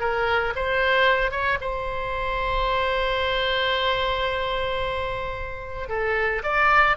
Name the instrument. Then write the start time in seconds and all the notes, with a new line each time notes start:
oboe
0.00 A#4
0.56 C5
1.31 C#5
1.61 C5
5.89 A4
6.43 D5